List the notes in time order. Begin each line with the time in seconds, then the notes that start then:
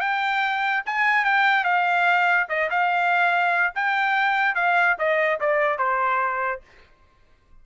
0.00 G5
0.86 G#5
1.25 G5
1.64 F5
2.49 D#5
2.70 F5
3.75 G5
4.55 F5
4.98 D#5
5.40 D5
5.78 C5